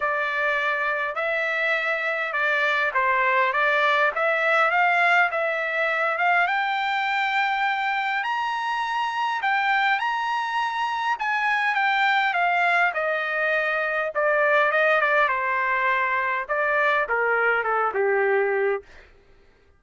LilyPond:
\new Staff \with { instrumentName = "trumpet" } { \time 4/4 \tempo 4 = 102 d''2 e''2 | d''4 c''4 d''4 e''4 | f''4 e''4. f''8 g''4~ | g''2 ais''2 |
g''4 ais''2 gis''4 | g''4 f''4 dis''2 | d''4 dis''8 d''8 c''2 | d''4 ais'4 a'8 g'4. | }